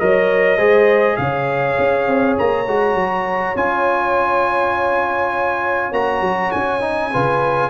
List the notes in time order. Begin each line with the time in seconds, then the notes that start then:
0.00 F#3 A#4 C#5 D#5
0.58 G#3 G#4 C5
1.17 C#3 C#5 F5
1.79 C#4
2.08 C4
2.38 A#3 A#5
2.67 G#3 F#4
2.95 F#3
3.56 C#4 F4 G#5
5.92 A#3 F#4 A#5
6.21 F#3
6.52 C#4 G#5
6.81 D#4
7.12 C#3 F4 B4